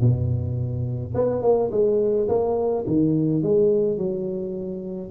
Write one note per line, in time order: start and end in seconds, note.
0.00 1.13 B2
1.14 1.42 B3
1.42 1.70 A#3
1.71 2.28 G#3
2.28 2.85 A#3
2.86 3.42 D#3
3.42 3.97 G#3
3.97 5.10 F#3